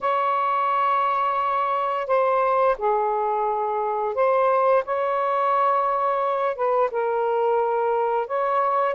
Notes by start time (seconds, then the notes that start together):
0.00 C#5
2.07 C5
2.77 G#4
4.14 C5
4.84 C#5
6.55 B4
6.91 A#4
8.27 C#5